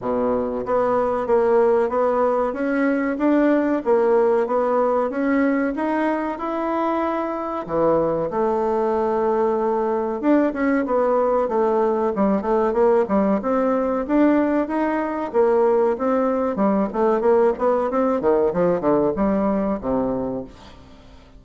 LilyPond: \new Staff \with { instrumentName = "bassoon" } { \time 4/4 \tempo 4 = 94 b,4 b4 ais4 b4 | cis'4 d'4 ais4 b4 | cis'4 dis'4 e'2 | e4 a2. |
d'8 cis'8 b4 a4 g8 a8 | ais8 g8 c'4 d'4 dis'4 | ais4 c'4 g8 a8 ais8 b8 | c'8 dis8 f8 d8 g4 c4 | }